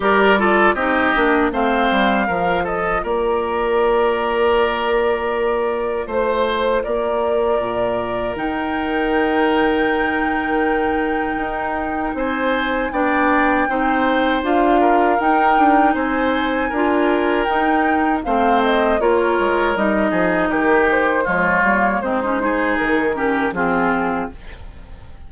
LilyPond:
<<
  \new Staff \with { instrumentName = "flute" } { \time 4/4 \tempo 4 = 79 d''4 dis''4 f''4. dis''8 | d''1 | c''4 d''2 g''4~ | g''1 |
gis''4 g''2 f''4 | g''4 gis''2 g''4 | f''8 dis''8 cis''4 dis''4 ais'8 c''8 | cis''4 c''4 ais'4 gis'4 | }
  \new Staff \with { instrumentName = "oboe" } { \time 4/4 ais'8 a'8 g'4 c''4 ais'8 a'8 | ais'1 | c''4 ais'2.~ | ais'1 |
c''4 d''4 c''4. ais'8~ | ais'4 c''4 ais'2 | c''4 ais'4. gis'8 g'4 | f'4 dis'8 gis'4 g'8 f'4 | }
  \new Staff \with { instrumentName = "clarinet" } { \time 4/4 g'8 f'8 dis'8 d'8 c'4 f'4~ | f'1~ | f'2. dis'4~ | dis'1~ |
dis'4 d'4 dis'4 f'4 | dis'2 f'4 dis'4 | c'4 f'4 dis'2 | gis8 ais8 c'16 cis'16 dis'4 cis'8 c'4 | }
  \new Staff \with { instrumentName = "bassoon" } { \time 4/4 g4 c'8 ais8 a8 g8 f4 | ais1 | a4 ais4 ais,4 dis4~ | dis2. dis'4 |
c'4 b4 c'4 d'4 | dis'8 d'8 c'4 d'4 dis'4 | a4 ais8 gis8 g8 f8 dis4 | f8 g8 gis4 dis4 f4 | }
>>